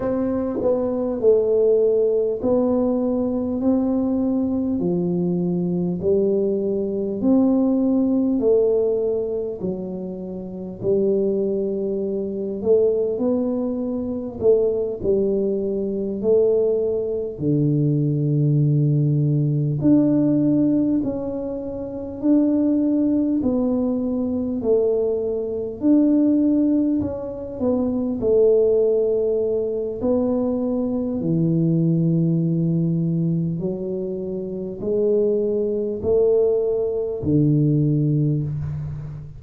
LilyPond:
\new Staff \with { instrumentName = "tuba" } { \time 4/4 \tempo 4 = 50 c'8 b8 a4 b4 c'4 | f4 g4 c'4 a4 | fis4 g4. a8 b4 | a8 g4 a4 d4.~ |
d8 d'4 cis'4 d'4 b8~ | b8 a4 d'4 cis'8 b8 a8~ | a4 b4 e2 | fis4 gis4 a4 d4 | }